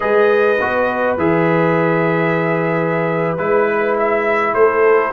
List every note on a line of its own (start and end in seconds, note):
0.00 0.59 G#3
0.00 0.56 G#4
0.00 4.54 B4
0.00 1.17 D#5
0.59 1.17 B3
0.59 1.19 F#4
1.17 3.37 E3
1.17 3.37 G#4
1.17 3.37 E5
3.37 4.54 G#3
3.37 5.12 E4
3.37 3.96 B4
3.99 4.54 E5
4.54 5.12 A3
4.54 5.12 A4
4.54 5.12 C5